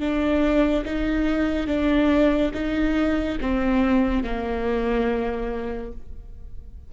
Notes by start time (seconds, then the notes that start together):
0.00 D4
0.85 D#4
1.67 D4
2.54 D#4
3.41 C4
4.24 A#3